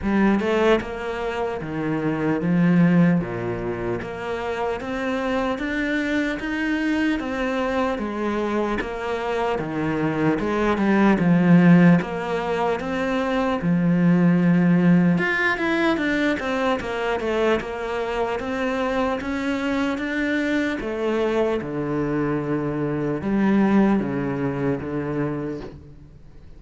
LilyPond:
\new Staff \with { instrumentName = "cello" } { \time 4/4 \tempo 4 = 75 g8 a8 ais4 dis4 f4 | ais,4 ais4 c'4 d'4 | dis'4 c'4 gis4 ais4 | dis4 gis8 g8 f4 ais4 |
c'4 f2 f'8 e'8 | d'8 c'8 ais8 a8 ais4 c'4 | cis'4 d'4 a4 d4~ | d4 g4 cis4 d4 | }